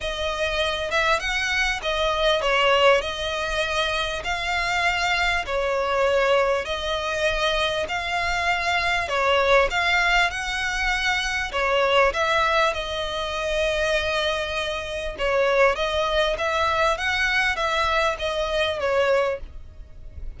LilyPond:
\new Staff \with { instrumentName = "violin" } { \time 4/4 \tempo 4 = 99 dis''4. e''8 fis''4 dis''4 | cis''4 dis''2 f''4~ | f''4 cis''2 dis''4~ | dis''4 f''2 cis''4 |
f''4 fis''2 cis''4 | e''4 dis''2.~ | dis''4 cis''4 dis''4 e''4 | fis''4 e''4 dis''4 cis''4 | }